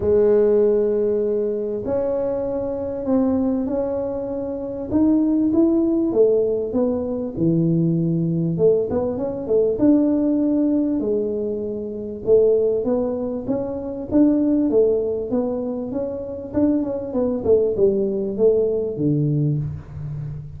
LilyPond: \new Staff \with { instrumentName = "tuba" } { \time 4/4 \tempo 4 = 98 gis2. cis'4~ | cis'4 c'4 cis'2 | dis'4 e'4 a4 b4 | e2 a8 b8 cis'8 a8 |
d'2 gis2 | a4 b4 cis'4 d'4 | a4 b4 cis'4 d'8 cis'8 | b8 a8 g4 a4 d4 | }